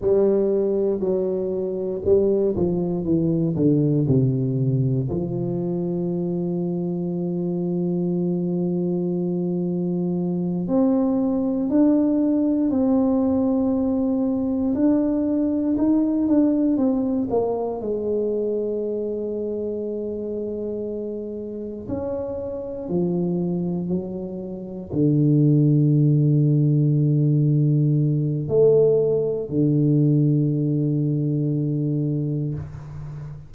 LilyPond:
\new Staff \with { instrumentName = "tuba" } { \time 4/4 \tempo 4 = 59 g4 fis4 g8 f8 e8 d8 | c4 f2.~ | f2~ f8 c'4 d'8~ | d'8 c'2 d'4 dis'8 |
d'8 c'8 ais8 gis2~ gis8~ | gis4. cis'4 f4 fis8~ | fis8 d2.~ d8 | a4 d2. | }